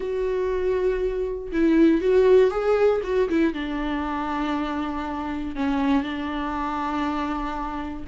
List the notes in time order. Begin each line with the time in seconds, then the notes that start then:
0.00 F#4
1.51 E4
2.01 F#4
2.50 G#4
3.03 F#4
3.29 E4
3.53 D4
5.55 C#4
6.03 D4